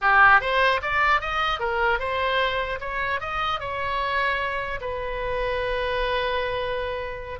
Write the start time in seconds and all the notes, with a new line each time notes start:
0.01 G4
0.40 C5
0.82 D5
1.20 D#5
1.59 A#4
1.99 C5
2.80 C#5
3.20 D#5
3.59 C#5
4.80 B4